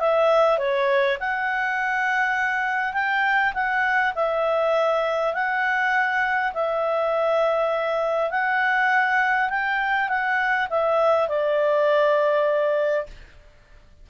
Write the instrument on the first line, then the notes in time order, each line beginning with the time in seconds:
clarinet
0.00 E5
0.59 C#5
1.20 F#5
2.94 G5
3.54 F#5
4.16 E5
5.34 F#5
6.54 E5
8.31 F#5
9.50 G5
10.09 F#5
10.70 E5
11.28 D5